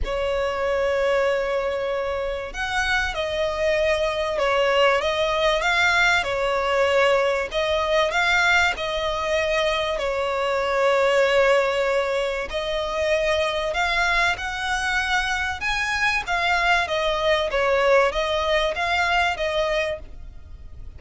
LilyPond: \new Staff \with { instrumentName = "violin" } { \time 4/4 \tempo 4 = 96 cis''1 | fis''4 dis''2 cis''4 | dis''4 f''4 cis''2 | dis''4 f''4 dis''2 |
cis''1 | dis''2 f''4 fis''4~ | fis''4 gis''4 f''4 dis''4 | cis''4 dis''4 f''4 dis''4 | }